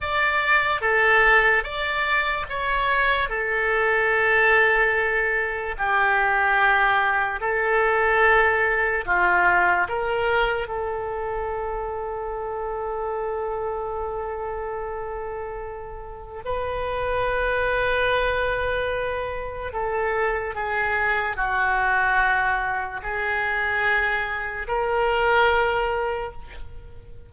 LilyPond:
\new Staff \with { instrumentName = "oboe" } { \time 4/4 \tempo 4 = 73 d''4 a'4 d''4 cis''4 | a'2. g'4~ | g'4 a'2 f'4 | ais'4 a'2.~ |
a'1 | b'1 | a'4 gis'4 fis'2 | gis'2 ais'2 | }